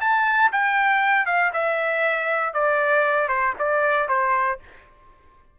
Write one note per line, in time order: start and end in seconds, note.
0.00 0.51 A5
0.52 1.26 G5
1.26 1.51 F5
1.53 2.53 E5
2.53 3.28 D5
3.28 3.54 C5
3.59 4.08 D5
4.08 4.59 C5